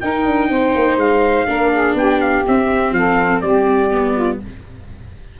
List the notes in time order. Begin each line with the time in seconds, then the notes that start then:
0.00 D#4 A#4 G5
0.25 D4
0.49 C4 C5
0.75 A#3
0.97 G#3 F5
1.46 A#3 D4 A#4
1.72 G#4
1.94 B3 G4 G5
2.21 F5
2.47 C4 E5
2.91 F3 A4 F5
3.41 G3 G4 D5
3.91 B3
4.14 F4